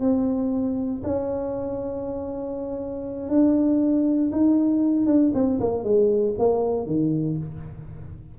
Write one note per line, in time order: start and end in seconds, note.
0.00 1.02 C4
1.04 3.29 C#4
3.29 4.31 D4
4.32 5.07 D#4
5.07 5.32 D4
5.34 5.60 C4
5.60 5.84 A#3
5.84 6.35 G#3
6.39 6.87 A#3
6.87 7.38 D#3